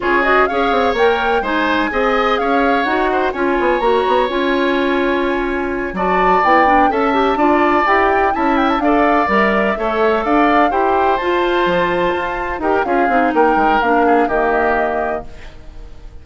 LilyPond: <<
  \new Staff \with { instrumentName = "flute" } { \time 4/4 \tempo 4 = 126 cis''8 dis''8 f''4 g''4 gis''4~ | gis''4 f''4 fis''4 gis''4 | ais''4 gis''2.~ | gis''8 a''4 g''4 a''4.~ |
a''8 g''4 a''8 g''16 a''16 f''4 e''8~ | e''4. f''4 g''4 a''8~ | a''2~ a''8 g''8 f''4 | g''4 f''4 dis''2 | }
  \new Staff \with { instrumentName = "oboe" } { \time 4/4 gis'4 cis''2 c''4 | dis''4 cis''4. c''8 cis''4~ | cis''1~ | cis''8 d''2 e''4 d''8~ |
d''4. e''4 d''4.~ | d''8 cis''4 d''4 c''4.~ | c''2~ c''8 ais'8 gis'4 | ais'4. gis'8 g'2 | }
  \new Staff \with { instrumentName = "clarinet" } { \time 4/4 f'8 fis'8 gis'4 ais'4 dis'4 | gis'2 fis'4 f'4 | fis'4 f'2.~ | f'8 fis'4 e'8 d'8 a'8 g'8 f'8~ |
f'8 g'4 e'4 a'4 ais'8~ | ais'8 a'2 g'4 f'8~ | f'2~ f'8 g'8 f'8 dis'8~ | dis'4 d'4 ais2 | }
  \new Staff \with { instrumentName = "bassoon" } { \time 4/4 cis4 cis'8 c'8 ais4 gis4 | c'4 cis'4 dis'4 cis'8 b8 | ais8 b8 cis'2.~ | cis'8 fis4 b4 cis'4 d'8~ |
d'8 e'4 cis'4 d'4 g8~ | g8 a4 d'4 e'4 f'8~ | f'8 f4 f'4 dis'8 cis'8 c'8 | ais8 gis8 ais4 dis2 | }
>>